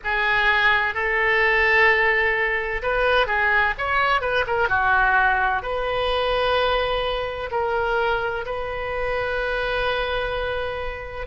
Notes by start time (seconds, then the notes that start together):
0.03 G#4
0.94 A4
2.82 B4
3.26 G#4
3.78 C#5
4.21 B4
4.46 A#4
4.68 F#4
5.62 B4
7.51 A#4
8.45 B4